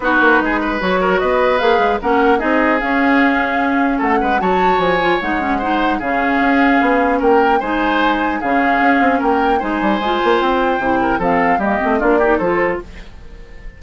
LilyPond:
<<
  \new Staff \with { instrumentName = "flute" } { \time 4/4 \tempo 4 = 150 b'2 cis''4 dis''4 | f''4 fis''4 dis''4 f''4~ | f''2 fis''4 a''4 | gis''4 fis''2 f''4~ |
f''2 g''4 gis''4~ | gis''4 f''2 g''4 | gis''2 g''2 | f''4 dis''4 d''4 c''4 | }
  \new Staff \with { instrumentName = "oboe" } { \time 4/4 fis'4 gis'8 b'4 ais'8 b'4~ | b'4 ais'4 gis'2~ | gis'2 a'8 b'8 cis''4~ | cis''2 c''4 gis'4~ |
gis'2 ais'4 c''4~ | c''4 gis'2 ais'4 | c''2.~ c''8 ais'8 | a'4 g'4 f'8 g'8 a'4 | }
  \new Staff \with { instrumentName = "clarinet" } { \time 4/4 dis'2 fis'2 | gis'4 cis'4 dis'4 cis'4~ | cis'2. fis'4~ | fis'8 f'8 dis'8 cis'8 dis'4 cis'4~ |
cis'2. dis'4~ | dis'4 cis'2. | dis'4 f'2 e'4 | c'4 ais8 c'8 d'8 dis'8 f'4 | }
  \new Staff \with { instrumentName = "bassoon" } { \time 4/4 b8 ais8 gis4 fis4 b4 | ais8 gis8 ais4 c'4 cis'4~ | cis'2 a8 gis8 fis4 | f4 gis2 cis4 |
cis'4 b4 ais4 gis4~ | gis4 cis4 cis'8 c'8 ais4 | gis8 g8 gis8 ais8 c'4 c4 | f4 g8 a8 ais4 f4 | }
>>